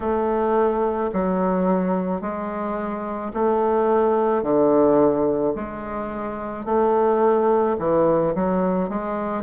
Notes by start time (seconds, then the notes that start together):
0.00 A3
1.13 F#3
2.21 G#3
3.33 A3
4.42 D3
5.55 G#3
6.65 A3
7.78 E3
8.34 F#3
8.89 G#3